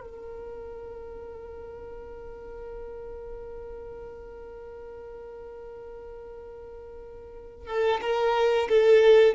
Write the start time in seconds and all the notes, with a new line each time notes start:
0.00 A#4
7.67 A4
8.01 A#4
8.68 A4